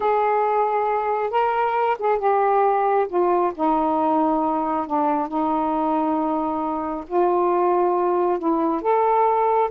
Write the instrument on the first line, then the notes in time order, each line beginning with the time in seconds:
saxophone
0.00 G#4
1.30 A#4
1.99 G#4
2.18 G4
3.08 F4
3.54 D#4
4.86 D4
5.27 D#4
7.07 F4
8.38 E4
8.81 A4